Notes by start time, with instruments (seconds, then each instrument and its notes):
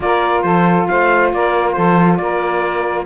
0.00 cello A#3, saxophone F4 A#4, trumpet D5
0.42 cello F3, saxophone A4, trumpet C5
0.87 cello A3, saxophone C5, trumpet F5
1.32 cello A#3, saxophone A#4, trumpet D5
1.72 cello F3, saxophone A4, trumpet C5
2.17 cello A#3, saxophone A#4, trumpet D5